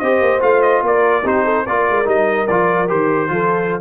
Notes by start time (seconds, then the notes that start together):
0.00 C4 G4 C5 D#5
0.21 A#3
0.41 A3 F4 F5
0.62 D#5
0.83 A#3 A#4 D5
1.24 C4 D#4 G4 C5
1.45 A4
1.67 A#3 F4 A#4 D5
1.90 G#3
2.05 G3 D#4 D#5
2.48 F3 F4 D5
2.88 D#3 G4 C5
3.29 F3 F4 A4